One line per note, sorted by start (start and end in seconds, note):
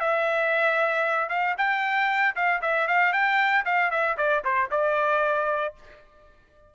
0.00 1.29 E5
1.29 1.55 F5
1.58 2.35 G5
2.35 2.61 F5
2.62 2.88 E5
2.88 3.13 F5
3.13 3.64 G5
3.65 3.91 F5
3.91 4.16 E5
4.17 4.43 D5
4.44 4.70 C5
4.71 5.74 D5